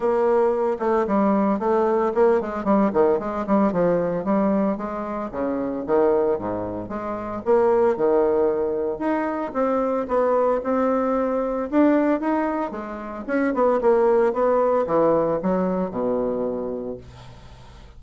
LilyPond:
\new Staff \with { instrumentName = "bassoon" } { \time 4/4 \tempo 4 = 113 ais4. a8 g4 a4 | ais8 gis8 g8 dis8 gis8 g8 f4 | g4 gis4 cis4 dis4 | gis,4 gis4 ais4 dis4~ |
dis4 dis'4 c'4 b4 | c'2 d'4 dis'4 | gis4 cis'8 b8 ais4 b4 | e4 fis4 b,2 | }